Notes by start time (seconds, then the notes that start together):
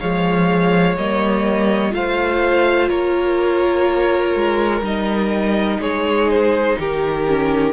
0.00 F3 G#3 C#5 F5
0.97 G3 A#3 D#5
1.91 A3 F4 C5 F5
2.89 A#3 A#4 C#5
4.35 G#3
4.81 G3 D#4 D#5
5.80 G#3 G#4 C#5
6.30 C5
6.79 D#3 G4 A#4
7.28 C#4